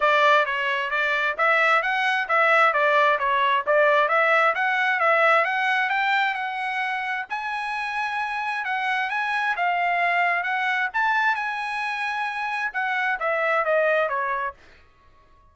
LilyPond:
\new Staff \with { instrumentName = "trumpet" } { \time 4/4 \tempo 4 = 132 d''4 cis''4 d''4 e''4 | fis''4 e''4 d''4 cis''4 | d''4 e''4 fis''4 e''4 | fis''4 g''4 fis''2 |
gis''2. fis''4 | gis''4 f''2 fis''4 | a''4 gis''2. | fis''4 e''4 dis''4 cis''4 | }